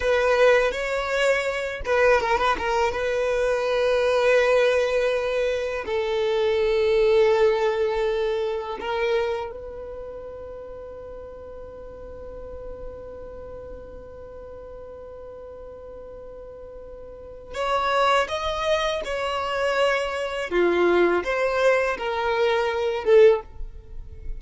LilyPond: \new Staff \with { instrumentName = "violin" } { \time 4/4 \tempo 4 = 82 b'4 cis''4. b'8 ais'16 b'16 ais'8 | b'1 | a'1 | ais'4 b'2.~ |
b'1~ | b'1 | cis''4 dis''4 cis''2 | f'4 c''4 ais'4. a'8 | }